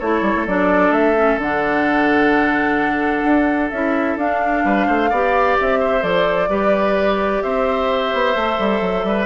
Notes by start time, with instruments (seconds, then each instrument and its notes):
0.00 bassoon A3, clarinet E4, oboe A4, flute C#5
0.22 bassoon G3
0.36 bassoon A3
0.47 bassoon F#3, clarinet D4, flute D5
0.91 bassoon A3, flute E5
1.16 clarinet C#4
1.38 bassoon D3, clarinet D4, flute F#5
3.24 bassoon D4
3.71 bassoon C#4, clarinet E4, flute E5
4.17 bassoon D4, clarinet D4, flute F5
4.65 bassoon G3, oboe B4
4.87 bassoon A3, oboe C5
5.10 bassoon B3, clarinet G4, oboe D5
5.60 bassoon C4, flute E5
5.80 oboe C5
6.02 bassoon F3, clarinet A4, flute D5
6.49 bassoon G3, clarinet G4, oboe B4
7.43 bassoon C4, oboe C5, flute E5
8.14 bassoon B3
8.36 bassoon A3, clarinet A4
8.59 bassoon G3
8.81 bassoon F#3
9.04 bassoon G3, oboe B4